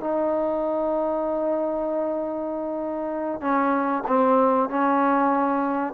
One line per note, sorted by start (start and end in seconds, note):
0.00 3.41 D#4
3.41 4.03 C#4
4.07 4.69 C4
4.69 5.93 C#4